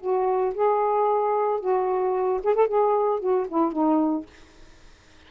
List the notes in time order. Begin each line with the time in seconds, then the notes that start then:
0.00 F#4
0.54 G#4
1.60 F#4
2.43 G#4
2.55 A4
2.67 G#4
3.20 F#4
3.48 E4
3.72 D#4